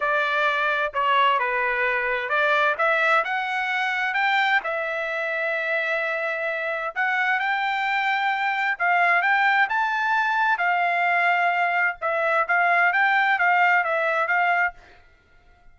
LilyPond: \new Staff \with { instrumentName = "trumpet" } { \time 4/4 \tempo 4 = 130 d''2 cis''4 b'4~ | b'4 d''4 e''4 fis''4~ | fis''4 g''4 e''2~ | e''2. fis''4 |
g''2. f''4 | g''4 a''2 f''4~ | f''2 e''4 f''4 | g''4 f''4 e''4 f''4 | }